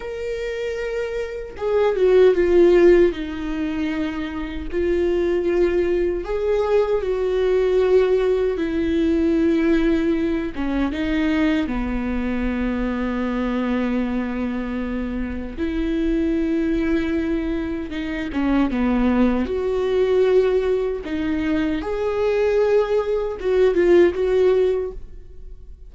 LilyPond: \new Staff \with { instrumentName = "viola" } { \time 4/4 \tempo 4 = 77 ais'2 gis'8 fis'8 f'4 | dis'2 f'2 | gis'4 fis'2 e'4~ | e'4. cis'8 dis'4 b4~ |
b1 | e'2. dis'8 cis'8 | b4 fis'2 dis'4 | gis'2 fis'8 f'8 fis'4 | }